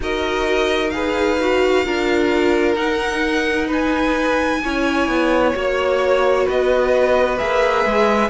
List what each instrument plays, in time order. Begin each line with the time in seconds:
0.00 cello D#4, viola F#4, violin A#4 D#5
0.89 viola G#4, violin B4 F5
1.40 viola F#4
1.84 cello D4, viola F4, violin A#4
2.75 cello D#4, viola D#4, violin F#5
3.67 violin B4 G#5
4.63 cello C#4, viola E4, violin C#5
5.07 cello B3
5.54 cello A#3, viola F#4, violin C#5
6.45 cello B3, violin B4 D#5
7.37 cello A#3, viola G#4, violin E5
7.85 cello G#3